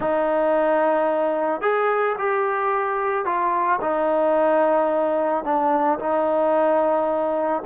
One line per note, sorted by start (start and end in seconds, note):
0.00 1.61 D#4
1.61 2.15 G#4
2.18 3.25 G4
3.25 3.79 F4
3.81 5.44 D#4
5.44 5.99 D4
5.99 7.62 D#4